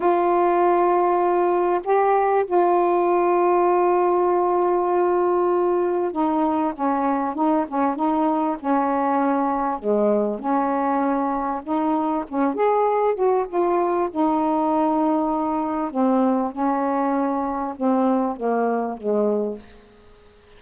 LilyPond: \new Staff \with { instrumentName = "saxophone" } { \time 4/4 \tempo 4 = 98 f'2. g'4 | f'1~ | f'2 dis'4 cis'4 | dis'8 cis'8 dis'4 cis'2 |
gis4 cis'2 dis'4 | cis'8 gis'4 fis'8 f'4 dis'4~ | dis'2 c'4 cis'4~ | cis'4 c'4 ais4 gis4 | }